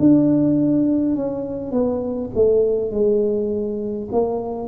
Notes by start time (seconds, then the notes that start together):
0.00 D4
1.16 C#4
1.72 B3
2.35 A3
2.91 G#3
4.12 A#3